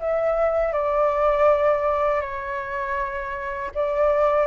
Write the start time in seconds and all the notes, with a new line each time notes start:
0.00 E5
0.73 D5
2.21 C#5
3.75 D5